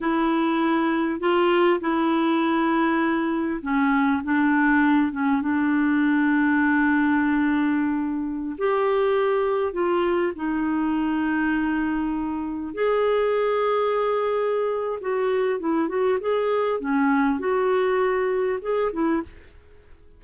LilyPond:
\new Staff \with { instrumentName = "clarinet" } { \time 4/4 \tempo 4 = 100 e'2 f'4 e'4~ | e'2 cis'4 d'4~ | d'8 cis'8 d'2.~ | d'2~ d'16 g'4.~ g'16~ |
g'16 f'4 dis'2~ dis'8.~ | dis'4~ dis'16 gis'2~ gis'8.~ | gis'4 fis'4 e'8 fis'8 gis'4 | cis'4 fis'2 gis'8 e'8 | }